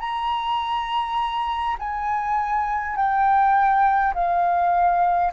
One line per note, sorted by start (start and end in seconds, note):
0.00 1.76 A#5
1.79 2.96 G#5
2.96 4.13 G5
4.14 5.32 F5